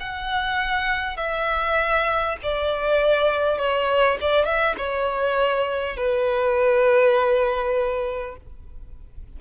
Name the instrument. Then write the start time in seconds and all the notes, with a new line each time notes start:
violin
0.00 F#5
1.17 E5
2.43 D5
3.58 C#5
4.21 D5
4.45 E5
4.78 C#5
5.96 B4